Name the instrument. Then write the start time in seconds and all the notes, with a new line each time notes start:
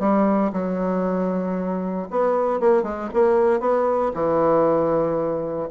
bassoon
0.00 G3
0.53 F#3
2.11 B3
2.60 A#3
2.83 G#3
3.14 A#3
3.60 B3
4.14 E3